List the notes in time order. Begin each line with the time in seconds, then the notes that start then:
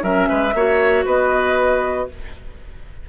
0.00 F#3 C#4 A#4 E5
0.28 G#3 B4
0.53 A#3 F#4 C#5
1.05 B3 B4 D#5